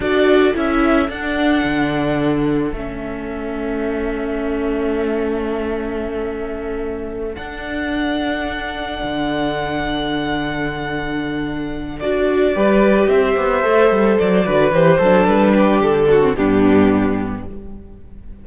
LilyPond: <<
  \new Staff \with { instrumentName = "violin" } { \time 4/4 \tempo 4 = 110 d''4 e''4 fis''2~ | fis''4 e''2.~ | e''1~ | e''4. fis''2~ fis''8~ |
fis''1~ | fis''2 d''2 | e''2 d''4 c''4 | b'4 a'4 g'2 | }
  \new Staff \with { instrumentName = "violin" } { \time 4/4 a'1~ | a'1~ | a'1~ | a'1~ |
a'1~ | a'2. b'4 | c''2~ c''8 b'4 a'8~ | a'8 g'4 fis'8 d'2 | }
  \new Staff \with { instrumentName = "viola" } { \time 4/4 fis'4 e'4 d'2~ | d'4 cis'2.~ | cis'1~ | cis'4. d'2~ d'8~ |
d'1~ | d'2 fis'4 g'4~ | g'4 a'4. fis'8 g'8 d'8~ | d'4.~ d'16 c'16 b2 | }
  \new Staff \with { instrumentName = "cello" } { \time 4/4 d'4 cis'4 d'4 d4~ | d4 a2.~ | a1~ | a4. d'2~ d'8~ |
d'8 d2.~ d8~ | d2 d'4 g4 | c'8 b8 a8 g8 fis8 d8 e8 fis8 | g4 d4 g,2 | }
>>